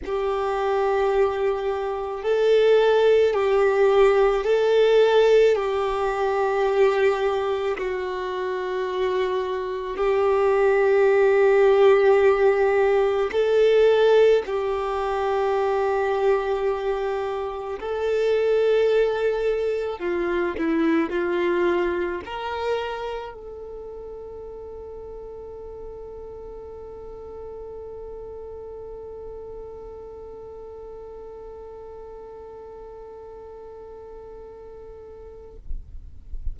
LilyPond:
\new Staff \with { instrumentName = "violin" } { \time 4/4 \tempo 4 = 54 g'2 a'4 g'4 | a'4 g'2 fis'4~ | fis'4 g'2. | a'4 g'2. |
a'2 f'8 e'8 f'4 | ais'4 a'2.~ | a'1~ | a'1 | }